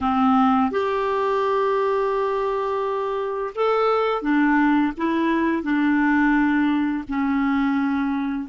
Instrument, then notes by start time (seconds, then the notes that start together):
clarinet
0.00 C4
0.71 G4
3.55 A4
4.22 D4
4.97 E4
5.62 D4
7.08 C#4